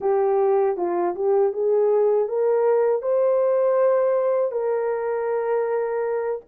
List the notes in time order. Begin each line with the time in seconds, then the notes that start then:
0.00 G4
0.76 F4
1.15 G4
1.53 G#4
2.28 A#4
3.02 C5
4.51 A#4